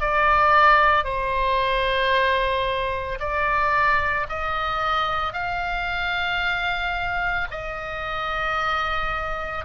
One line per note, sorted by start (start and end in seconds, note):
0.00 1.04 D5
1.04 3.19 C5
3.19 4.27 D5
4.29 5.33 D#5
5.33 7.47 F5
7.51 9.65 D#5